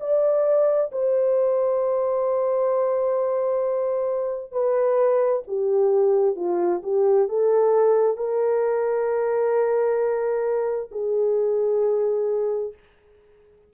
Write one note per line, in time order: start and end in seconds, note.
0.00 0.91 D5
0.92 4.52 C5
4.52 5.43 B4
5.47 6.36 G4
6.36 6.81 F4
6.83 7.29 G4
7.29 8.17 A4
8.17 10.90 A#4
10.91 12.73 G#4